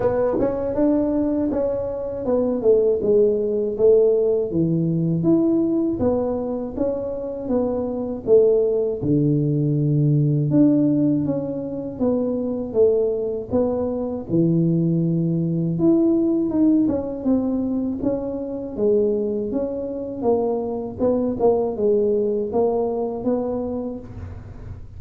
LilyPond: \new Staff \with { instrumentName = "tuba" } { \time 4/4 \tempo 4 = 80 b8 cis'8 d'4 cis'4 b8 a8 | gis4 a4 e4 e'4 | b4 cis'4 b4 a4 | d2 d'4 cis'4 |
b4 a4 b4 e4~ | e4 e'4 dis'8 cis'8 c'4 | cis'4 gis4 cis'4 ais4 | b8 ais8 gis4 ais4 b4 | }